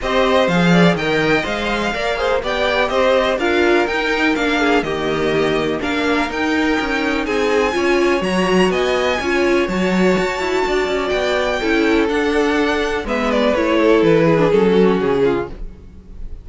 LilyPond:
<<
  \new Staff \with { instrumentName = "violin" } { \time 4/4 \tempo 4 = 124 dis''4 f''4 g''4 f''4~ | f''4 g''4 dis''4 f''4 | g''4 f''4 dis''2 | f''4 g''2 gis''4~ |
gis''4 ais''4 gis''2 | a''2. g''4~ | g''4 fis''2 e''8 d''8 | cis''4 b'4 a'4 gis'4 | }
  \new Staff \with { instrumentName = "violin" } { \time 4/4 c''4. d''8 dis''2 | d''8 c''8 d''4 c''4 ais'4~ | ais'4. gis'8 g'2 | ais'2. gis'4 |
cis''2 dis''4 cis''4~ | cis''2 d''2 | a'2. b'4~ | b'8 a'4 gis'4 fis'4 f'8 | }
  \new Staff \with { instrumentName = "viola" } { \time 4/4 g'4 gis'4 ais'4 c''4 | ais'8 gis'8 g'2 f'4 | dis'4 d'4 ais2 | d'4 dis'2. |
f'4 fis'2 f'4 | fis'1 | e'4 d'2 b4 | e'4.~ e'16 d'16 cis'2 | }
  \new Staff \with { instrumentName = "cello" } { \time 4/4 c'4 f4 dis4 gis4 | ais4 b4 c'4 d'4 | dis'4 ais4 dis2 | ais4 dis'4 cis'4 c'4 |
cis'4 fis4 b4 cis'4 | fis4 fis'8 e'8 d'8 cis'8 b4 | cis'4 d'2 gis4 | a4 e4 fis4 cis4 | }
>>